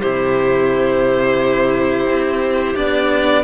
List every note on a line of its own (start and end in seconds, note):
0.00 2.06 C3
0.00 2.75 E4
0.00 3.44 G4
0.00 2.76 C5
2.06 2.75 C4
2.75 3.44 B3
2.75 3.44 D4
2.75 3.44 D5